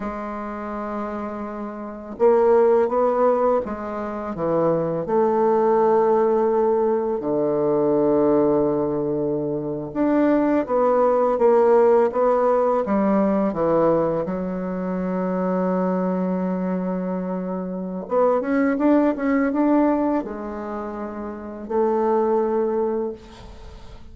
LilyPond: \new Staff \with { instrumentName = "bassoon" } { \time 4/4 \tempo 4 = 83 gis2. ais4 | b4 gis4 e4 a4~ | a2 d2~ | d4.~ d16 d'4 b4 ais16~ |
ais8. b4 g4 e4 fis16~ | fis1~ | fis4 b8 cis'8 d'8 cis'8 d'4 | gis2 a2 | }